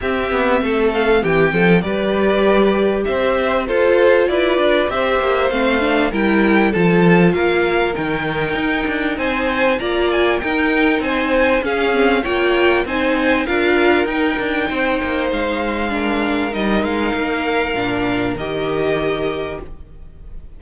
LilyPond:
<<
  \new Staff \with { instrumentName = "violin" } { \time 4/4 \tempo 4 = 98 e''4. f''8 g''4 d''4~ | d''4 e''4 c''4 d''4 | e''4 f''4 g''4 a''4 | f''4 g''2 gis''4 |
ais''8 gis''8 g''4 gis''4 f''4 | g''4 gis''4 f''4 g''4~ | g''4 f''2 dis''8 f''8~ | f''2 dis''2 | }
  \new Staff \with { instrumentName = "violin" } { \time 4/4 g'4 a'4 g'8 a'8 b'4~ | b'4 c''4 a'4 b'4 | c''2 ais'4 a'4 | ais'2. c''4 |
d''4 ais'4 c''4 gis'4 | cis''4 c''4 ais'2 | c''2 ais'2~ | ais'1 | }
  \new Staff \with { instrumentName = "viola" } { \time 4/4 c'2. g'4~ | g'2 f'2 | g'4 c'8 d'8 e'4 f'4~ | f'4 dis'2. |
f'4 dis'2 cis'8 c'8 | f'4 dis'4 f'4 dis'4~ | dis'2 d'4 dis'4~ | dis'4 d'4 g'2 | }
  \new Staff \with { instrumentName = "cello" } { \time 4/4 c'8 b8 a4 e8 f8 g4~ | g4 c'4 f'4 e'8 d'8 | c'8 ais8 a4 g4 f4 | ais4 dis4 dis'8 d'8 c'4 |
ais4 dis'4 c'4 cis'4 | ais4 c'4 d'4 dis'8 d'8 | c'8 ais8 gis2 g8 gis8 | ais4 ais,4 dis2 | }
>>